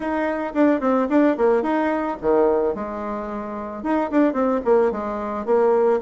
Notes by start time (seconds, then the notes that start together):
0.00 D#4
0.54 D4
0.80 C4
1.09 D4
1.37 A#3
1.62 D#4
2.21 D#3
2.74 G#3
3.83 D#4
4.10 D4
4.33 C4
4.64 A#3
4.91 G#3
5.45 A#3